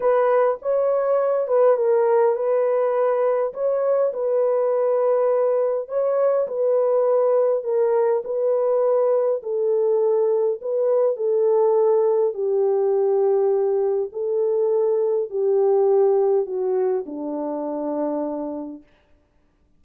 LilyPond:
\new Staff \with { instrumentName = "horn" } { \time 4/4 \tempo 4 = 102 b'4 cis''4. b'8 ais'4 | b'2 cis''4 b'4~ | b'2 cis''4 b'4~ | b'4 ais'4 b'2 |
a'2 b'4 a'4~ | a'4 g'2. | a'2 g'2 | fis'4 d'2. | }